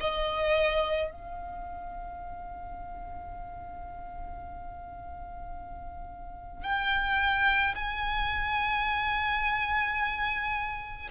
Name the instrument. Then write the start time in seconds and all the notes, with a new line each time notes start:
violin
0.00 D#5
1.11 F5
6.64 G5
7.75 G#5